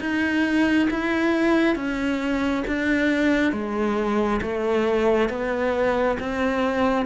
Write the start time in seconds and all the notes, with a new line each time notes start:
0.00 D#4
0.90 E4
1.76 C#4
2.67 D4
3.52 G#3
4.42 A3
5.29 B3
6.20 C4